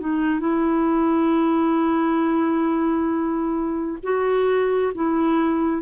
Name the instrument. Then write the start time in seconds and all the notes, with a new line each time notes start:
clarinet
0.00 D#4
0.40 E4
4.03 F#4
4.95 E4